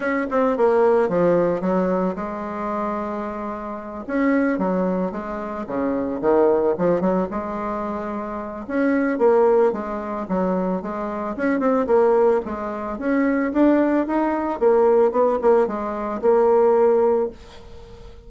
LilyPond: \new Staff \with { instrumentName = "bassoon" } { \time 4/4 \tempo 4 = 111 cis'8 c'8 ais4 f4 fis4 | gis2.~ gis8 cis'8~ | cis'8 fis4 gis4 cis4 dis8~ | dis8 f8 fis8 gis2~ gis8 |
cis'4 ais4 gis4 fis4 | gis4 cis'8 c'8 ais4 gis4 | cis'4 d'4 dis'4 ais4 | b8 ais8 gis4 ais2 | }